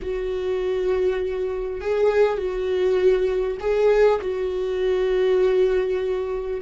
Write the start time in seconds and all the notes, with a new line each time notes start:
0.01 F#4
1.80 G#4
2.37 F#4
3.59 G#4
4.21 F#4